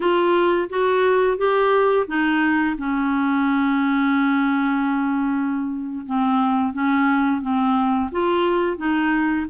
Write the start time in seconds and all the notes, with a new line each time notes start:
0.00 F4
0.69 F#4
1.37 G4
2.07 D#4
2.77 C#4
6.05 C4
6.73 C#4
7.41 C4
8.11 F4
8.77 D#4